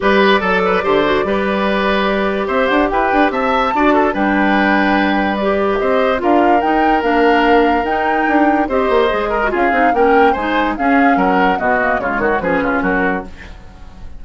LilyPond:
<<
  \new Staff \with { instrumentName = "flute" } { \time 4/4 \tempo 4 = 145 d''1~ | d''2 e''8 fis''8 g''4 | a''2 g''2~ | g''4 d''4 dis''4 f''4 |
g''4 f''2 g''4~ | g''4 dis''2 f''4 | g''4 gis''4 f''4 fis''4 | dis''4 cis''4 b'4 ais'4 | }
  \new Staff \with { instrumentName = "oboe" } { \time 4/4 b'4 a'8 b'8 c''4 b'4~ | b'2 c''4 b'4 | e''4 d''8 a'8 b'2~ | b'2 c''4 ais'4~ |
ais'1~ | ais'4 c''4. ais'8 gis'4 | ais'4 c''4 gis'4 ais'4 | fis'4 f'8 fis'8 gis'8 f'8 fis'4 | }
  \new Staff \with { instrumentName = "clarinet" } { \time 4/4 g'4 a'4 g'8 fis'8 g'4~ | g'1~ | g'4 fis'4 d'2~ | d'4 g'2 f'4 |
dis'4 d'2 dis'4~ | dis'4 g'4 gis'8. fis'16 f'8 dis'8 | cis'4 dis'4 cis'2 | b8 ais8 gis4 cis'2 | }
  \new Staff \with { instrumentName = "bassoon" } { \time 4/4 g4 fis4 d4 g4~ | g2 c'8 d'8 e'8 d'8 | c'4 d'4 g2~ | g2 c'4 d'4 |
dis'4 ais2 dis'4 | d'4 c'8 ais8 gis4 cis'8 c'8 | ais4 gis4 cis'4 fis4 | b,4 cis8 dis8 f8 cis8 fis4 | }
>>